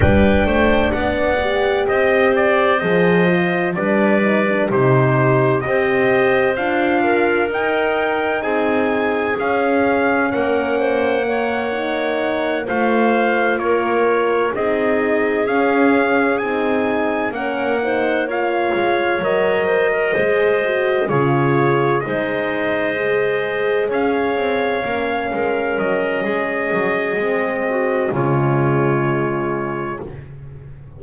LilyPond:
<<
  \new Staff \with { instrumentName = "trumpet" } { \time 4/4 \tempo 4 = 64 g''4 fis''4 dis''8 d''8 dis''4 | d''4 c''4 dis''4 f''4 | g''4 gis''4 f''4 fis''4~ | fis''4. f''4 cis''4 dis''8~ |
dis''8 f''4 gis''4 fis''4 f''8~ | f''8 dis''2 cis''4 dis''8~ | dis''4. f''2 dis''8~ | dis''2 cis''2 | }
  \new Staff \with { instrumentName = "clarinet" } { \time 4/4 b'8 c''8 d''4 c''2 | b'4 g'4 c''4. ais'8~ | ais'4 gis'2 ais'8 c''8 | cis''4. c''4 ais'4 gis'8~ |
gis'2~ gis'8 ais'8 c''8 cis''8~ | cis''4 c''16 ais'16 c''4 gis'4 c''8~ | c''4. cis''4. ais'4 | gis'4. fis'8 f'2 | }
  \new Staff \with { instrumentName = "horn" } { \time 4/4 d'4. g'4. gis'8 f'8 | d'8 dis'16 d'16 dis'4 g'4 f'4 | dis'2 cis'2 | ais8 dis'4 f'2 dis'8~ |
dis'8 cis'4 dis'4 cis'8 dis'8 f'8~ | f'8 ais'4 gis'8 fis'8 f'4 dis'8~ | dis'8 gis'2 cis'4.~ | cis'4 c'4 gis2 | }
  \new Staff \with { instrumentName = "double bass" } { \time 4/4 g8 a8 b4 c'4 f4 | g4 c4 c'4 d'4 | dis'4 c'4 cis'4 ais4~ | ais4. a4 ais4 c'8~ |
c'8 cis'4 c'4 ais4. | gis8 fis4 gis4 cis4 gis8~ | gis4. cis'8 c'8 ais8 gis8 fis8 | gis8 fis8 gis4 cis2 | }
>>